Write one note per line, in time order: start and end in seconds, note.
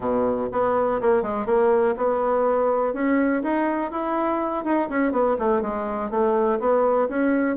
0.00 0.49 B2
0.52 1.00 B3
1.01 1.22 A#3
1.22 1.45 G#3
1.45 1.94 A#3
1.96 2.93 B3
2.93 3.42 C#4
3.43 3.91 D#4
3.91 4.64 E4
4.64 4.88 D#4
4.89 5.12 C#4
5.12 5.36 B3
5.39 5.61 A3
5.61 6.10 G#3
6.10 6.59 A3
6.59 7.08 B3
7.08 7.56 C#4